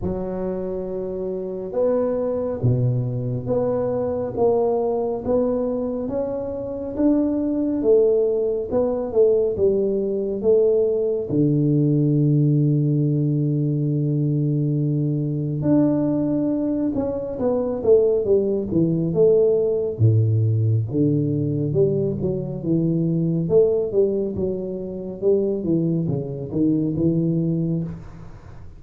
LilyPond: \new Staff \with { instrumentName = "tuba" } { \time 4/4 \tempo 4 = 69 fis2 b4 b,4 | b4 ais4 b4 cis'4 | d'4 a4 b8 a8 g4 | a4 d2.~ |
d2 d'4. cis'8 | b8 a8 g8 e8 a4 a,4 | d4 g8 fis8 e4 a8 g8 | fis4 g8 e8 cis8 dis8 e4 | }